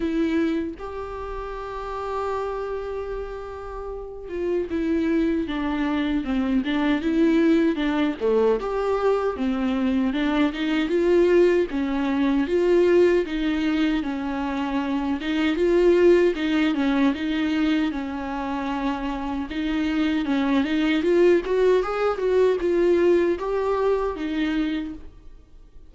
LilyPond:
\new Staff \with { instrumentName = "viola" } { \time 4/4 \tempo 4 = 77 e'4 g'2.~ | g'4. f'8 e'4 d'4 | c'8 d'8 e'4 d'8 a8 g'4 | c'4 d'8 dis'8 f'4 cis'4 |
f'4 dis'4 cis'4. dis'8 | f'4 dis'8 cis'8 dis'4 cis'4~ | cis'4 dis'4 cis'8 dis'8 f'8 fis'8 | gis'8 fis'8 f'4 g'4 dis'4 | }